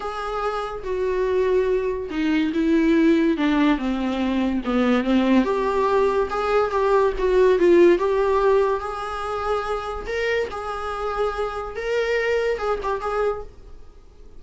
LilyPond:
\new Staff \with { instrumentName = "viola" } { \time 4/4 \tempo 4 = 143 gis'2 fis'2~ | fis'4 dis'4 e'2 | d'4 c'2 b4 | c'4 g'2 gis'4 |
g'4 fis'4 f'4 g'4~ | g'4 gis'2. | ais'4 gis'2. | ais'2 gis'8 g'8 gis'4 | }